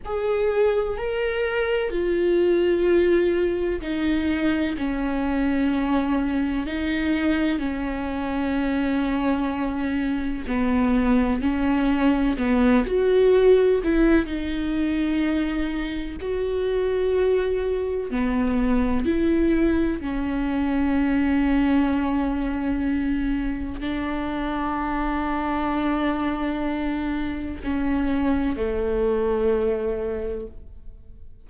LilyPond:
\new Staff \with { instrumentName = "viola" } { \time 4/4 \tempo 4 = 63 gis'4 ais'4 f'2 | dis'4 cis'2 dis'4 | cis'2. b4 | cis'4 b8 fis'4 e'8 dis'4~ |
dis'4 fis'2 b4 | e'4 cis'2.~ | cis'4 d'2.~ | d'4 cis'4 a2 | }